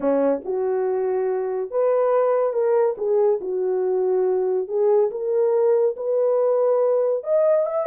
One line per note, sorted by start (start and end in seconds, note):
0.00 0.42 C#4
0.44 1.70 F#4
1.70 2.53 B4
2.53 2.95 A#4
2.97 3.40 G#4
3.40 4.68 F#4
4.68 5.10 G#4
5.10 5.95 A#4
5.96 7.23 B4
7.23 7.66 D#5
7.66 7.86 E5